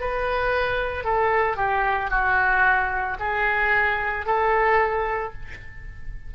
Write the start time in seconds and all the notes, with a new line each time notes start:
0.00 B4
1.04 A4
1.56 G4
2.10 F#4
3.19 G#4
4.26 A4